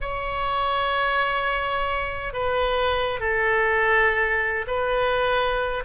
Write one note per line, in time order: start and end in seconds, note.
0.00 2.33 C#5
2.33 3.19 B4
3.19 4.65 A4
4.67 5.83 B4